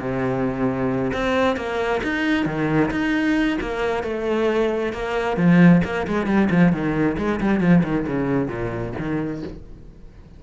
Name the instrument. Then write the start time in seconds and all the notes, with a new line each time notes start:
cello
0.00 C3
1.13 C4
1.56 A#3
2.03 D#4
2.46 D#3
2.91 D#4
3.61 A#3
4.03 A3
4.93 A#3
5.37 F3
5.84 A#3
6.07 G#3
6.26 G3
6.50 F3
6.72 D#3
7.17 G#3
7.40 G3
7.60 F3
7.83 D#3
8.07 C#3
8.48 A#2
8.99 D#3